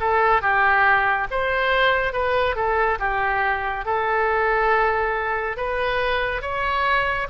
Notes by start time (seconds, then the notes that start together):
0.00 A4
0.42 G4
1.31 C5
2.13 B4
2.56 A4
2.99 G4
3.85 A4
5.56 B4
6.41 C#5